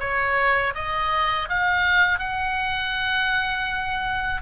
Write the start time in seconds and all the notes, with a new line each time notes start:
0.00 C#5
0.75 D#5
1.49 F5
2.19 F#5